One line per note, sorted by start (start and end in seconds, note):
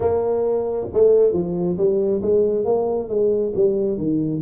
0.00 0.87 A#3
0.93 1.32 A3
1.32 1.76 F3
1.77 2.21 G3
2.21 2.64 G#3
2.64 3.08 A#3
3.08 3.53 G#3
3.55 3.97 G3
3.97 4.41 D#3